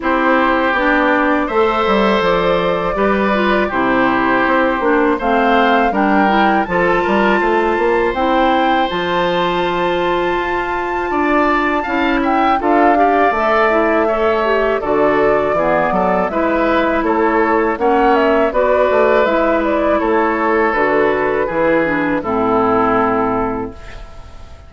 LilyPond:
<<
  \new Staff \with { instrumentName = "flute" } { \time 4/4 \tempo 4 = 81 c''4 d''4 e''4 d''4~ | d''4 c''2 f''4 | g''4 a''2 g''4 | a''1~ |
a''8 g''8 f''4 e''2 | d''2 e''4 cis''4 | fis''8 e''8 d''4 e''8 d''8 cis''4 | b'2 a'2 | }
  \new Staff \with { instrumentName = "oboe" } { \time 4/4 g'2 c''2 | b'4 g'2 c''4 | ais'4 a'8 ais'8 c''2~ | c''2. d''4 |
f''8 e''8 a'8 d''4. cis''4 | a'4 gis'8 a'8 b'4 a'4 | cis''4 b'2 a'4~ | a'4 gis'4 e'2 | }
  \new Staff \with { instrumentName = "clarinet" } { \time 4/4 e'4 d'4 a'2 | g'8 f'8 e'4. d'8 c'4 | d'8 e'8 f'2 e'4 | f'1 |
e'4 f'8 g'8 a'8 e'8 a'8 g'8 | fis'4 b4 e'2 | cis'4 fis'4 e'2 | fis'4 e'8 d'8 c'2 | }
  \new Staff \with { instrumentName = "bassoon" } { \time 4/4 c'4 b4 a8 g8 f4 | g4 c4 c'8 ais8 a4 | g4 f8 g8 a8 ais8 c'4 | f2 f'4 d'4 |
cis'4 d'4 a2 | d4 e8 fis8 gis4 a4 | ais4 b8 a8 gis4 a4 | d4 e4 a,2 | }
>>